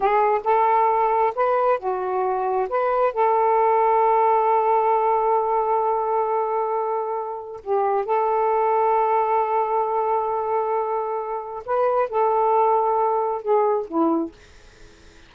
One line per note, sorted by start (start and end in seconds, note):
0.00 0.41 G#4
0.44 1.33 A4
1.35 1.79 B4
1.79 2.68 F#4
2.69 3.13 B4
3.13 7.61 A4
7.63 8.05 G4
8.05 11.63 A4
11.65 12.09 B4
12.09 13.42 A4
13.42 13.87 G#4
13.87 14.32 E4